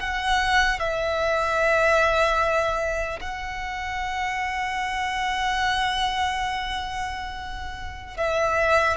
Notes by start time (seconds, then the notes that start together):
0.00 F#5
0.80 E5
3.21 F#5
8.17 E5